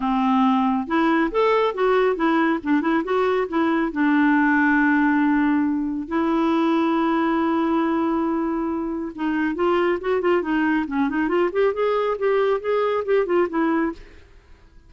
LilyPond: \new Staff \with { instrumentName = "clarinet" } { \time 4/4 \tempo 4 = 138 c'2 e'4 a'4 | fis'4 e'4 d'8 e'8 fis'4 | e'4 d'2.~ | d'2 e'2~ |
e'1~ | e'4 dis'4 f'4 fis'8 f'8 | dis'4 cis'8 dis'8 f'8 g'8 gis'4 | g'4 gis'4 g'8 f'8 e'4 | }